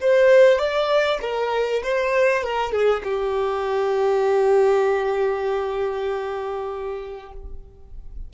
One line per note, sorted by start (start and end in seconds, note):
0.00 0.58 C5
0.58 1.19 D5
1.21 1.82 A#4
1.83 2.43 C5
2.43 2.72 A#4
2.72 3.02 G#4
3.03 7.32 G4